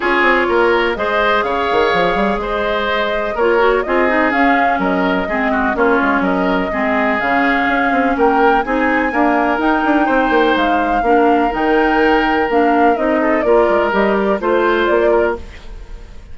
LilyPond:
<<
  \new Staff \with { instrumentName = "flute" } { \time 4/4 \tempo 4 = 125 cis''2 dis''4 f''4~ | f''4 dis''2 cis''4 | dis''4 f''4 dis''2 | cis''4 dis''2 f''4~ |
f''4 g''4 gis''2 | g''2 f''2 | g''2 f''4 dis''4 | d''4 dis''8 d''8 c''4 d''4 | }
  \new Staff \with { instrumentName = "oboe" } { \time 4/4 gis'4 ais'4 c''4 cis''4~ | cis''4 c''2 ais'4 | gis'2 ais'4 gis'8 fis'8 | f'4 ais'4 gis'2~ |
gis'4 ais'4 gis'4 ais'4~ | ais'4 c''2 ais'4~ | ais'2.~ ais'8 a'8 | ais'2 c''4. ais'8 | }
  \new Staff \with { instrumentName = "clarinet" } { \time 4/4 f'2 gis'2~ | gis'2. f'8 fis'8 | f'8 dis'8 cis'2 c'4 | cis'2 c'4 cis'4~ |
cis'2 dis'4 ais4 | dis'2. d'4 | dis'2 d'4 dis'4 | f'4 g'4 f'2 | }
  \new Staff \with { instrumentName = "bassoon" } { \time 4/4 cis'8 c'8 ais4 gis4 cis8 dis8 | f8 g8 gis2 ais4 | c'4 cis'4 fis4 gis4 | ais8 gis8 fis4 gis4 cis4 |
cis'8 c'8 ais4 c'4 d'4 | dis'8 d'8 c'8 ais8 gis4 ais4 | dis2 ais4 c'4 | ais8 gis8 g4 a4 ais4 | }
>>